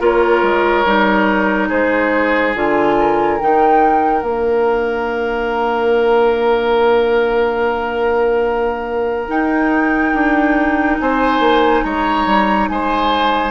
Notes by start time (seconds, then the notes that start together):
0.00 A#3 F4 A#4 C#5
0.43 G#3
0.85 G3 D#4
1.69 G#3 G#4 C5
2.55 D3 F4 G#5
3.00 A#4
3.39 D#3 D#4 G5
4.22 A#3 D4 F5
9.28 D#4 G5
10.14 D4
11.00 C4 C5 G#5
11.40 A#3
11.84 G#3 C#5 A#5
12.26 G3
12.69 G#3 C5 G#5